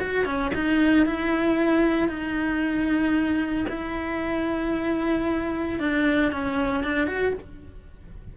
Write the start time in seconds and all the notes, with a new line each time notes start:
0.00 F#4
0.25 C#4
0.54 D#4
1.06 E4
2.08 D#4
3.69 E4
5.80 D4
6.32 C#4
6.84 D4
7.07 F#4